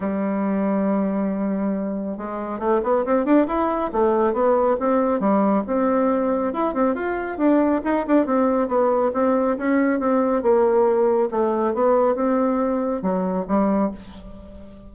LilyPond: \new Staff \with { instrumentName = "bassoon" } { \time 4/4 \tempo 4 = 138 g1~ | g4 gis4 a8 b8 c'8 d'8 | e'4 a4 b4 c'4 | g4 c'2 e'8 c'8 |
f'4 d'4 dis'8 d'8 c'4 | b4 c'4 cis'4 c'4 | ais2 a4 b4 | c'2 fis4 g4 | }